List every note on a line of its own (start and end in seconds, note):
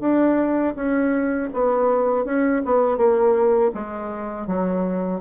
0.00 0.74 D4
0.75 1.49 C#4
1.53 2.25 B3
2.25 2.62 C#4
2.65 2.97 B3
2.97 3.71 A#3
3.74 4.47 G#3
4.47 5.21 F#3